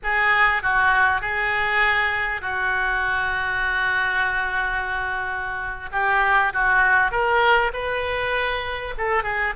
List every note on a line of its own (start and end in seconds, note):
0.03 0.62 G#4
0.62 1.21 F#4
1.21 2.41 G#4
2.41 5.89 F#4
5.92 6.52 G4
6.53 7.11 F#4
7.11 7.71 A#4
7.73 8.94 B4
8.97 9.23 A4
9.23 9.53 G#4